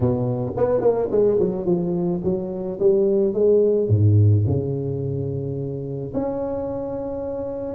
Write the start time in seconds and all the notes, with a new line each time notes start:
0.00 B2
0.57 B3
0.81 A#3
1.11 G#3
1.39 F#3
1.65 F3
2.23 F#3
2.79 G3
3.33 G#3
3.88 G#2
4.46 C#3
6.14 C#4